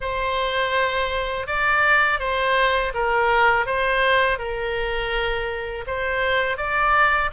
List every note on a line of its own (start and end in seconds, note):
0.00 1.46 C5
1.46 2.19 D5
2.19 2.92 C5
2.94 3.66 A#4
3.66 4.38 C5
4.38 5.84 A#4
5.87 6.57 C5
6.57 7.30 D5